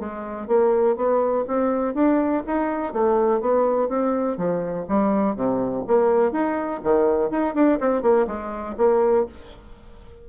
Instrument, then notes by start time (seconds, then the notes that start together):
bassoon
0.00 G#3
0.48 A#3
0.97 B3
1.48 C4
1.94 D4
2.47 D#4
2.93 A3
3.41 B3
3.89 C4
4.38 F3
4.88 G3
5.36 C3
5.88 A#3
6.32 D#4
6.84 D#3
7.31 D#4
7.55 D4
7.81 C4
8.03 A#3
8.28 G#3
8.78 A#3